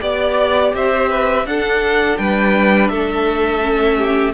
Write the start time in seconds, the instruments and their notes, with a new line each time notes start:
0.00 cello B3, viola G4, violin D5
0.73 cello C4, violin C5 E5
1.09 violin B4
1.45 cello D4, viola D4, violin A4 F#5
2.17 cello G3, violin B4 G5
2.88 cello A3, violin A4 E5
3.61 viola C#4
3.97 violin G4